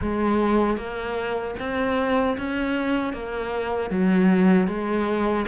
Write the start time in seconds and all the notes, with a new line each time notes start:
0.01 G#3
0.77 A#3
1.59 C4
2.37 C#4
3.13 A#3
3.90 F#3
4.67 G#3